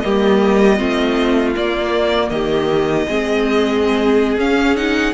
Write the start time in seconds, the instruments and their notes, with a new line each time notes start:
0.00 cello G3, viola A#3, violin G4 D#5
0.78 cello A3, viola C4, violin F4
1.55 viola A#3, cello A#3, violin D5
2.30 cello D#3, violin G4 D#5
3.08 cello G#3, viola C4, violin G#4
4.37 cello C#4, viola C#4, violin F5
4.76 viola D#4, violin F#5